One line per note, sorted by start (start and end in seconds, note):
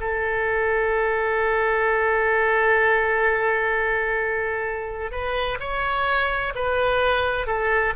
0.00 5.11 A4
5.11 5.58 B4
5.60 6.53 C#5
6.55 7.46 B4
7.46 7.93 A4